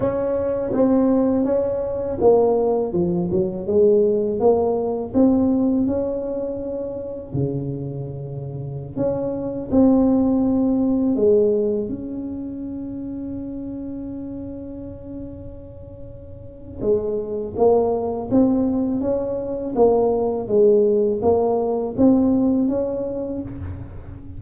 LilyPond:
\new Staff \with { instrumentName = "tuba" } { \time 4/4 \tempo 4 = 82 cis'4 c'4 cis'4 ais4 | f8 fis8 gis4 ais4 c'4 | cis'2 cis2~ | cis16 cis'4 c'2 gis8.~ |
gis16 cis'2.~ cis'8.~ | cis'2. gis4 | ais4 c'4 cis'4 ais4 | gis4 ais4 c'4 cis'4 | }